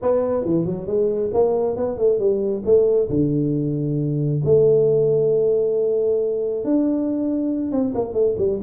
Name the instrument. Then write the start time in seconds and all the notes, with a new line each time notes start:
tuba
0.01 B3
0.44 E3
0.65 F#3
0.86 G#3
1.33 A#3
1.76 B3
1.97 A3
2.19 G3
2.65 A3
3.09 D3
4.44 A3
6.64 D4
7.71 C4
7.94 A#3
8.13 A3
8.38 G3